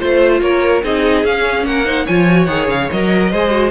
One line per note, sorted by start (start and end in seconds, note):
0.00 0.42 A3
0.00 0.83 F4
0.00 0.41 C5
0.00 0.42 C5
0.42 0.83 A#3
0.42 0.85 A#4
0.42 0.83 C#5
0.84 1.24 C4
0.84 1.26 D#4
0.84 1.67 G#4
0.84 1.26 D#5
1.24 1.64 C#4
1.24 1.85 C#4
1.24 1.66 F5
1.64 2.06 A#3
1.64 1.87 A#4
1.64 2.07 F#5
1.85 2.06 D#4
1.85 2.05 C5
2.05 2.48 F3
2.05 2.29 F4
2.05 3.19 C#5
2.05 2.46 G#5
2.29 2.48 F#4
2.46 2.69 D#3
2.46 2.89 G#4
2.46 2.67 F#5
2.69 2.89 C#3
2.69 2.91 F5
2.92 3.33 F#3
2.92 3.33 A#4
2.92 3.71 D#5
3.22 3.32 A#4
3.32 3.71 G#3
3.32 3.50 G#4
3.32 3.71 C5
3.50 3.71 F#4